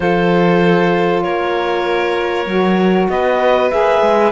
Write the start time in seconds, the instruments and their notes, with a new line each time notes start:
0.00 cello F3, saxophone F4, violin A4, clarinet C5
1.23 cello A#3, violin A#4, clarinet C#5
2.46 cello F#3, saxophone F#4
3.09 cello B3, violin B4, clarinet D#5
3.70 cello A#3, saxophone G#4, clarinet E5
4.01 cello G#3